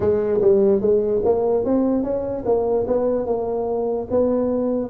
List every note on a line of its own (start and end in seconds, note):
0.00 0.40 G#3
0.41 0.81 G3
0.81 1.22 G#3
1.24 1.64 A#3
1.64 2.03 C4
2.03 2.44 C#4
2.45 2.86 A#3
2.87 3.25 B3
3.25 4.07 A#3
4.10 4.89 B3